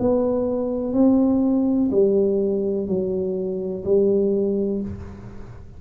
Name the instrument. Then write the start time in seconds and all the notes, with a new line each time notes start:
tuba
0.00 B3
0.93 C4
1.91 G3
2.87 F#3
3.84 G3